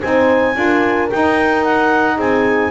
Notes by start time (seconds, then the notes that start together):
0.00 C4 D#4 C5 G#5
0.54 D4 F4 A#4
1.10 D#4 G5
1.64 F#5
2.16 C4 G#4 G#5